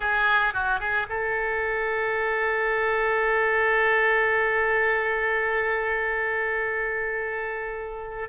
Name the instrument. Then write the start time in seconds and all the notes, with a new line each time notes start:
oboe
0.00 G#4
0.53 F#4
0.80 G#4
1.09 A4